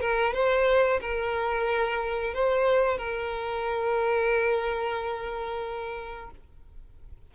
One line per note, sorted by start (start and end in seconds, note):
0.00 0.33 A#4
0.33 1.00 C5
1.00 2.33 A#4
2.33 2.97 C5
2.97 6.31 A#4